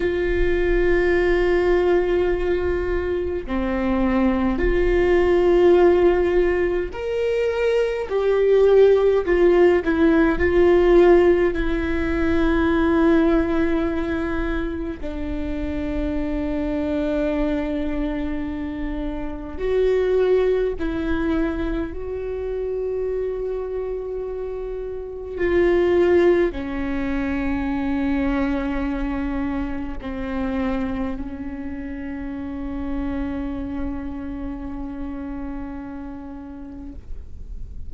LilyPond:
\new Staff \with { instrumentName = "viola" } { \time 4/4 \tempo 4 = 52 f'2. c'4 | f'2 ais'4 g'4 | f'8 e'8 f'4 e'2~ | e'4 d'2.~ |
d'4 fis'4 e'4 fis'4~ | fis'2 f'4 cis'4~ | cis'2 c'4 cis'4~ | cis'1 | }